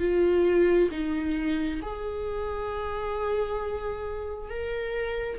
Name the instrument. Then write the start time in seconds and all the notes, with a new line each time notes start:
viola
0.00 F4
0.91 D#4
1.82 G#4
4.49 A#4